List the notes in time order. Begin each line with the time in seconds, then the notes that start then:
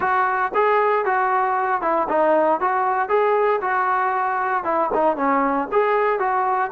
0.00 F#4
0.54 G#4
1.05 F#4
1.81 E4
2.09 D#4
2.60 F#4
3.08 G#4
3.61 F#4
4.64 E4
4.93 D#4
5.16 C#4
5.72 G#4
6.19 F#4